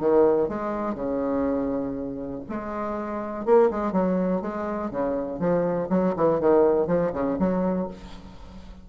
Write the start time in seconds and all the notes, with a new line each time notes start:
0.00 D#3
0.49 G#3
0.95 C#3
2.49 G#3
3.45 A#3
3.71 G#3
3.92 F#3
4.42 G#3
4.90 C#3
5.39 F3
5.89 F#3
6.16 E3
6.40 D#3
6.87 F3
7.13 C#3
7.39 F#3